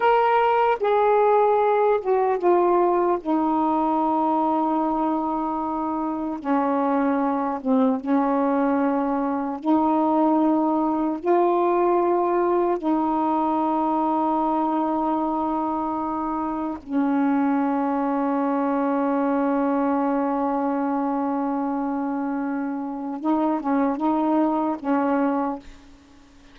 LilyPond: \new Staff \with { instrumentName = "saxophone" } { \time 4/4 \tempo 4 = 75 ais'4 gis'4. fis'8 f'4 | dis'1 | cis'4. c'8 cis'2 | dis'2 f'2 |
dis'1~ | dis'4 cis'2.~ | cis'1~ | cis'4 dis'8 cis'8 dis'4 cis'4 | }